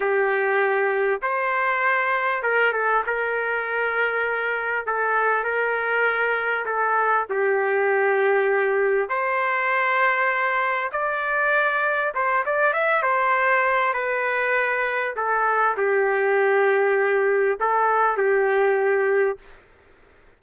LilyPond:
\new Staff \with { instrumentName = "trumpet" } { \time 4/4 \tempo 4 = 99 g'2 c''2 | ais'8 a'8 ais'2. | a'4 ais'2 a'4 | g'2. c''4~ |
c''2 d''2 | c''8 d''8 e''8 c''4. b'4~ | b'4 a'4 g'2~ | g'4 a'4 g'2 | }